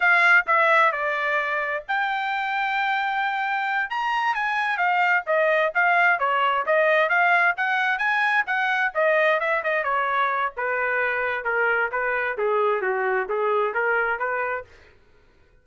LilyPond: \new Staff \with { instrumentName = "trumpet" } { \time 4/4 \tempo 4 = 131 f''4 e''4 d''2 | g''1~ | g''8 ais''4 gis''4 f''4 dis''8~ | dis''8 f''4 cis''4 dis''4 f''8~ |
f''8 fis''4 gis''4 fis''4 dis''8~ | dis''8 e''8 dis''8 cis''4. b'4~ | b'4 ais'4 b'4 gis'4 | fis'4 gis'4 ais'4 b'4 | }